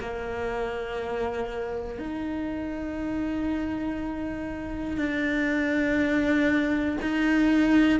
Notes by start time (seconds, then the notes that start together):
0.00 A#3
1.98 D#4
4.97 D4
7.01 D#4